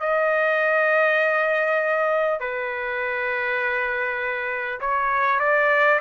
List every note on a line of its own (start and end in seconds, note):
0.00 2.40 D#5
2.40 4.80 B4
4.81 5.40 C#5
5.40 6.00 D5